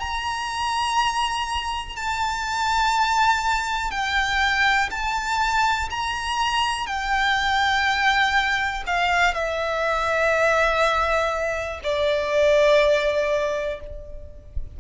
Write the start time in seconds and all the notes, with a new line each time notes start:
0.00 A#5
1.96 A5
3.91 G5
4.91 A5
5.90 A#5
6.87 G5
8.87 F5
9.34 E5
11.83 D5